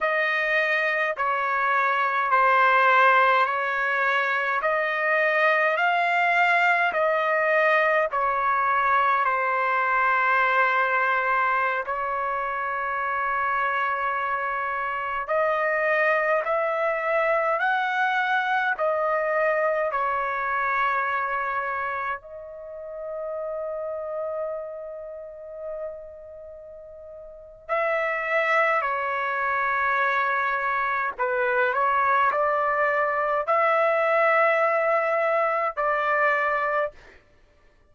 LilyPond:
\new Staff \with { instrumentName = "trumpet" } { \time 4/4 \tempo 4 = 52 dis''4 cis''4 c''4 cis''4 | dis''4 f''4 dis''4 cis''4 | c''2~ c''16 cis''4.~ cis''16~ | cis''4~ cis''16 dis''4 e''4 fis''8.~ |
fis''16 dis''4 cis''2 dis''8.~ | dis''1 | e''4 cis''2 b'8 cis''8 | d''4 e''2 d''4 | }